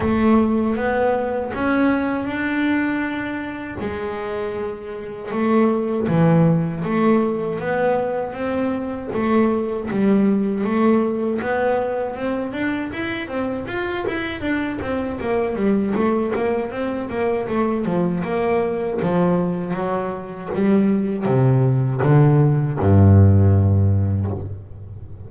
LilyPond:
\new Staff \with { instrumentName = "double bass" } { \time 4/4 \tempo 4 = 79 a4 b4 cis'4 d'4~ | d'4 gis2 a4 | e4 a4 b4 c'4 | a4 g4 a4 b4 |
c'8 d'8 e'8 c'8 f'8 e'8 d'8 c'8 | ais8 g8 a8 ais8 c'8 ais8 a8 f8 | ais4 f4 fis4 g4 | c4 d4 g,2 | }